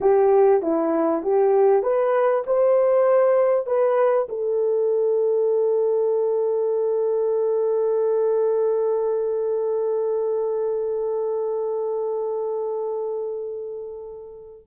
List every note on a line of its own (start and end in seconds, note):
0.00 0.62 G4
0.62 1.22 E4
1.22 1.83 G4
1.83 2.44 B4
2.46 3.66 C5
3.66 4.27 B4
4.29 14.67 A4